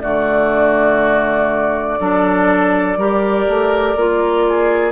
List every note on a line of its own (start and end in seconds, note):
0.00 1.99 D3
0.00 1.99 A3
0.00 1.99 F#4
0.00 4.92 D5
1.99 2.97 F#3
1.99 2.98 D4
1.99 2.98 A4
2.97 3.46 G3
2.97 3.97 G4
2.97 4.46 A#4
3.47 3.95 A3
3.95 4.92 A#3
3.95 4.92 F4
4.48 4.92 G#4